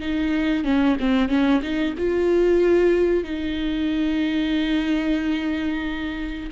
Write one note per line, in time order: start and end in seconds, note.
0.00 0.64 D#4
0.64 0.97 C#4
1.00 1.29 C4
1.29 1.61 C#4
1.62 1.95 D#4
1.98 3.24 F4
3.24 6.50 D#4